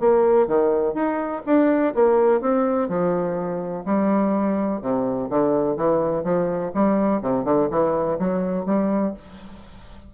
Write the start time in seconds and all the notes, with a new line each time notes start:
0.00 A#3
0.48 D#3
0.94 D#4
1.47 D4
1.95 A#3
2.41 C4
2.89 F3
3.86 G3
4.82 C3
5.30 D3
5.77 E3
6.24 F3
6.74 G3
7.22 C3
7.45 D3
7.71 E3
8.19 F#3
8.66 G3